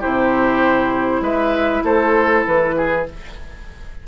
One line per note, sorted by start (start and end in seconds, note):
0.00 1.21 C3
0.00 3.04 E4
0.00 1.21 G4
0.00 1.23 C5
1.21 1.81 G#3
1.21 1.83 B4
1.21 1.84 E5
1.84 2.45 A3
1.84 2.76 A4
1.84 2.46 C5
2.47 3.08 E3
2.47 3.08 B4
2.77 3.07 G#4